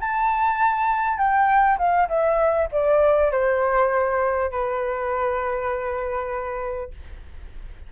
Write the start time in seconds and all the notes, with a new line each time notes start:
0.00 A5
1.18 G5
1.78 F5
2.08 E5
2.72 D5
3.31 C5
4.51 B4